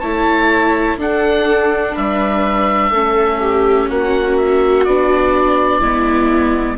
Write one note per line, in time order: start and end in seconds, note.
0.00 0.97 A3
0.00 1.00 E4
0.00 0.98 C#5
0.00 0.97 A5
0.97 1.94 D4
0.97 2.94 D4
0.97 1.95 A4
0.97 1.97 F#5
1.95 2.92 G3
1.95 2.91 B4
1.95 3.90 E5
2.91 3.89 A3
2.91 4.87 C#4
2.91 3.39 A4
3.40 3.89 G4
3.89 4.86 A#3
3.89 5.80 F#4
3.89 4.38 F#5
4.38 4.85 E5
4.85 5.80 B3
4.85 5.83 D4
4.85 6.78 D5
5.80 6.77 G#3
5.80 6.78 B3
5.80 6.77 E4